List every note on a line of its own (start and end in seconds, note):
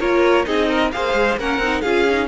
0.00 0.46 A#3
0.00 0.45 F4
0.00 0.46 A#4
0.00 0.46 C#5
0.45 0.94 C4
0.45 0.90 D#4
0.45 0.69 G#4
0.45 0.92 D#5
0.69 0.92 A#4
0.92 1.14 A#3
0.92 1.39 G#4
0.92 1.39 C5
0.92 1.38 F5
1.14 1.37 G#3
1.38 1.58 A#3
1.38 1.63 C#4
1.38 1.82 A#4
1.38 1.82 F#5
1.58 1.81 C4
1.58 1.86 D#4
1.82 2.29 C#4
1.82 2.09 F4
1.82 2.28 G#4
1.82 2.28 F5
2.10 2.29 D#4